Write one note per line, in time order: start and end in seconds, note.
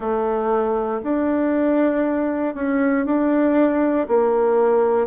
0.00 1.01 A3
1.03 2.54 D4
2.54 3.05 C#4
3.05 4.07 D4
4.07 5.06 A#3